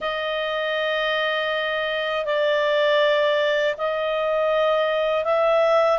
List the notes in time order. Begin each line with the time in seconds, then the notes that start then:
0.00 D#5
2.25 D5
3.77 D#5
5.24 E5